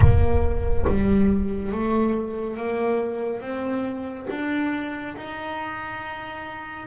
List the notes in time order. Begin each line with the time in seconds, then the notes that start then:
0.00 A#3
0.87 G3
1.72 A3
2.56 A#3
3.41 C4
4.30 D4
5.16 D#4